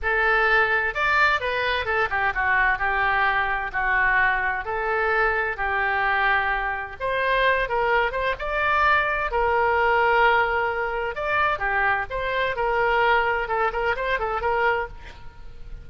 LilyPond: \new Staff \with { instrumentName = "oboe" } { \time 4/4 \tempo 4 = 129 a'2 d''4 b'4 | a'8 g'8 fis'4 g'2 | fis'2 a'2 | g'2. c''4~ |
c''8 ais'4 c''8 d''2 | ais'1 | d''4 g'4 c''4 ais'4~ | ais'4 a'8 ais'8 c''8 a'8 ais'4 | }